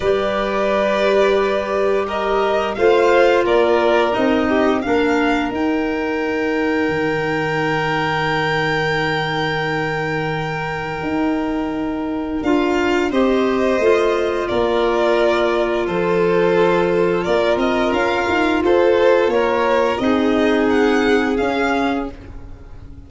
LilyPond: <<
  \new Staff \with { instrumentName = "violin" } { \time 4/4 \tempo 4 = 87 d''2. dis''4 | f''4 d''4 dis''4 f''4 | g''1~ | g''1~ |
g''2 f''4 dis''4~ | dis''4 d''2 c''4~ | c''4 d''8 dis''8 f''4 c''4 | cis''4 dis''4 fis''4 f''4 | }
  \new Staff \with { instrumentName = "violin" } { \time 4/4 b'2. ais'4 | c''4 ais'4. g'8 ais'4~ | ais'1~ | ais'1~ |
ais'2. c''4~ | c''4 ais'2 a'4~ | a'4 ais'2 a'4 | ais'4 gis'2. | }
  \new Staff \with { instrumentName = "clarinet" } { \time 4/4 g'1 | f'2 dis'4 d'4 | dis'1~ | dis'1~ |
dis'2 f'4 g'4 | f'1~ | f'1~ | f'4 dis'2 cis'4 | }
  \new Staff \with { instrumentName = "tuba" } { \time 4/4 g1 | a4 ais4 c'4 ais4 | dis'2 dis2~ | dis1 |
dis'2 d'4 c'4 | a4 ais2 f4~ | f4 ais8 c'8 cis'8 dis'8 f'4 | ais4 c'2 cis'4 | }
>>